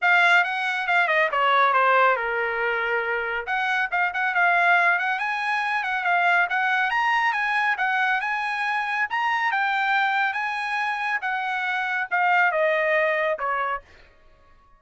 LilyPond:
\new Staff \with { instrumentName = "trumpet" } { \time 4/4 \tempo 4 = 139 f''4 fis''4 f''8 dis''8 cis''4 | c''4 ais'2. | fis''4 f''8 fis''8 f''4. fis''8 | gis''4. fis''8 f''4 fis''4 |
ais''4 gis''4 fis''4 gis''4~ | gis''4 ais''4 g''2 | gis''2 fis''2 | f''4 dis''2 cis''4 | }